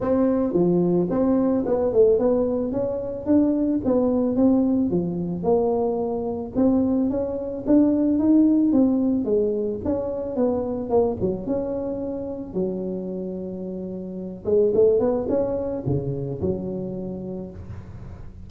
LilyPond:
\new Staff \with { instrumentName = "tuba" } { \time 4/4 \tempo 4 = 110 c'4 f4 c'4 b8 a8 | b4 cis'4 d'4 b4 | c'4 f4 ais2 | c'4 cis'4 d'4 dis'4 |
c'4 gis4 cis'4 b4 | ais8 fis8 cis'2 fis4~ | fis2~ fis8 gis8 a8 b8 | cis'4 cis4 fis2 | }